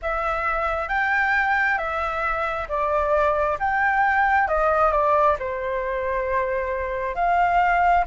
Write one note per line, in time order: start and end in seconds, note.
0.02 0.88 E5
0.88 1.77 G5
1.78 2.67 E5
2.68 3.57 D5
3.59 4.48 G5
4.48 4.91 D#5
4.91 5.36 D5
5.39 7.15 C5
7.15 8.04 F5